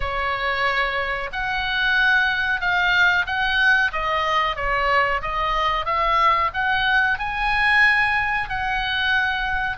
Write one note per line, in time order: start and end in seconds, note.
0.00 1.30 C#5
1.32 2.61 F#5
2.61 3.26 F5
3.26 3.91 F#5
3.92 4.56 D#5
4.56 5.21 C#5
5.21 5.85 D#5
5.85 6.50 E5
6.53 7.18 F#5
7.18 8.49 G#5
8.49 9.77 F#5